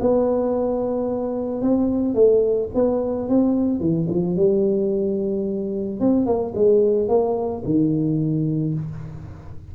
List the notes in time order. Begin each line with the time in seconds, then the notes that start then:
0.00 B3
1.62 C4
2.14 A3
2.74 B3
3.29 C4
3.80 E3
4.09 F3
4.36 G3
6.00 C4
6.26 A#3
6.55 G#3
7.08 A#3
7.65 D#3